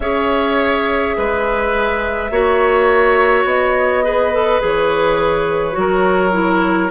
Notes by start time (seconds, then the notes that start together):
0.00 C#4 G#4 C#5 E5
1.17 G#3 B4
2.30 A#3 F#4 C#5
3.44 B3 D#5
4.03 G#4 B4
4.32 A4
4.60 E3 G#4 C#5
5.72 F#3 F#4
5.79 A#4
6.31 E4